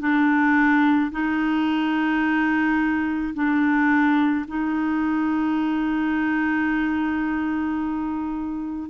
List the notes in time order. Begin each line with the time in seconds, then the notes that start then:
0.00 D4
1.12 D#4
3.35 D4
4.48 D#4